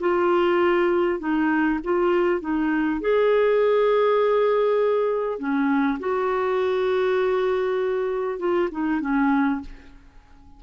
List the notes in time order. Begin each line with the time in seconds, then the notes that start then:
0.00 F4
1.20 D#4
1.84 F4
2.41 D#4
3.01 G#4
5.39 C#4
6.00 F#4
8.39 F4
8.72 D#4
9.01 C#4